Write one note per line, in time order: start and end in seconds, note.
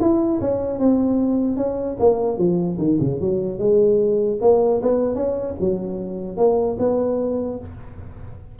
0.00 0.40 E4
0.41 0.79 C#4
0.79 1.57 C4
1.57 1.97 C#4
1.99 2.37 A#3
2.37 2.77 F3
2.78 2.98 D#3
3.00 3.20 C#3
3.20 3.58 F#3
3.58 4.38 G#3
4.41 4.81 A#3
4.81 5.15 B3
5.15 5.55 C#4
5.59 6.37 F#3
6.37 6.77 A#3
6.79 7.59 B3